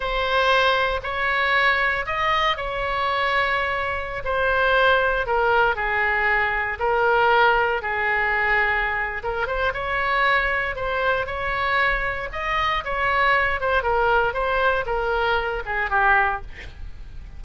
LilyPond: \new Staff \with { instrumentName = "oboe" } { \time 4/4 \tempo 4 = 117 c''2 cis''2 | dis''4 cis''2.~ | cis''16 c''2 ais'4 gis'8.~ | gis'4~ gis'16 ais'2 gis'8.~ |
gis'2 ais'8 c''8 cis''4~ | cis''4 c''4 cis''2 | dis''4 cis''4. c''8 ais'4 | c''4 ais'4. gis'8 g'4 | }